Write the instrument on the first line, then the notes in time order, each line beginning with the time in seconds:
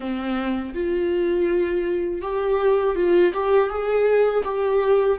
viola
0.00 C4
0.74 F4
2.21 G4
2.95 F4
3.33 G4
3.69 G#4
4.44 G4